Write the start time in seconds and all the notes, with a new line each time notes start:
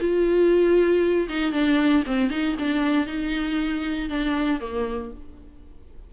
0.00 F4
1.29 D#4
1.53 D4
2.07 C4
2.31 D#4
2.59 D4
3.07 D#4
4.10 D4
4.61 A#3